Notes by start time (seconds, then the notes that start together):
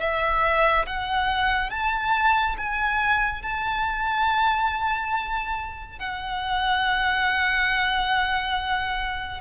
0.00 E5
0.86 F#5
1.70 A5
2.57 G#5
3.42 A5
5.99 F#5